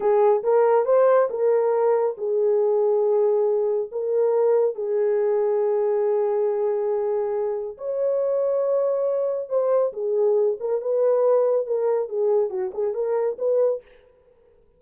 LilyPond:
\new Staff \with { instrumentName = "horn" } { \time 4/4 \tempo 4 = 139 gis'4 ais'4 c''4 ais'4~ | ais'4 gis'2.~ | gis'4 ais'2 gis'4~ | gis'1~ |
gis'2 cis''2~ | cis''2 c''4 gis'4~ | gis'8 ais'8 b'2 ais'4 | gis'4 fis'8 gis'8 ais'4 b'4 | }